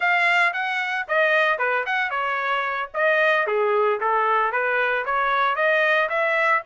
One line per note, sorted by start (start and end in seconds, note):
0.00 0.53 F5
0.53 1.06 F#5
1.08 1.58 D#5
1.58 1.84 B4
1.86 2.10 F#5
2.10 2.90 C#5
2.94 3.47 D#5
3.47 4.00 G#4
4.00 4.51 A4
4.51 5.04 B4
5.05 5.55 C#5
5.55 6.08 D#5
6.09 6.62 E5